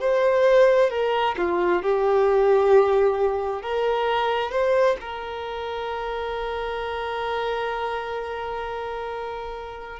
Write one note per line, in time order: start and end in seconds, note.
0.00 0.90 C5
0.90 1.36 A#4
1.38 1.83 F4
1.83 3.62 G4
3.62 4.51 A#4
4.51 4.97 C5
5.00 10.00 A#4